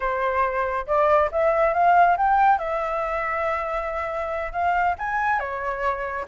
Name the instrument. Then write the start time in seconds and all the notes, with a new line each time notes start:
flute
0.00 C5
0.87 D5
1.31 E5
1.73 F5
2.17 G5
2.58 E5
4.52 F5
4.98 G#5
5.39 C#5